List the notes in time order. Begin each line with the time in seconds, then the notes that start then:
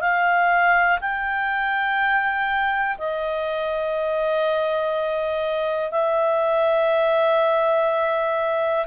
0.00 F5
1.01 G5
2.98 D#5
5.91 E5